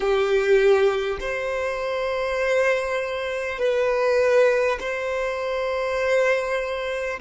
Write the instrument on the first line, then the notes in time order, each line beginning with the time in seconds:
violin
0.00 G4
1.19 C5
3.58 B4
4.80 C5